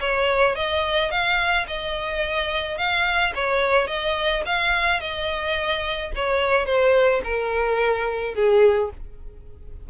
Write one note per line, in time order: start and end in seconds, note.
0.00 0.55 C#5
0.55 1.11 D#5
1.11 1.66 F5
1.67 2.78 D#5
2.78 3.33 F5
3.35 3.87 C#5
3.87 4.43 D#5
4.46 5.00 F5
5.00 6.11 D#5
6.15 6.66 C#5
6.66 7.21 C5
7.24 8.35 A#4
8.35 8.90 G#4